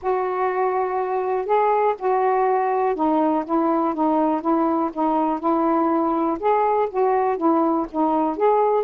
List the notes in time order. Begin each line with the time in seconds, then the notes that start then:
0.02 F#4
1.45 G#4
1.98 F#4
2.95 D#4
3.45 E4
3.94 D#4
4.41 E4
4.93 D#4
5.39 E4
6.39 G#4
6.90 F#4
7.37 E4
7.91 D#4
8.36 G#4